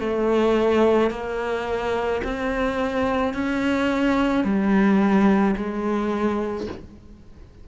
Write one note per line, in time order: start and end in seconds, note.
0.00 1.11 A3
1.11 2.22 A#3
2.24 3.34 C4
3.34 4.44 C#4
4.44 5.56 G3
5.56 6.67 G#3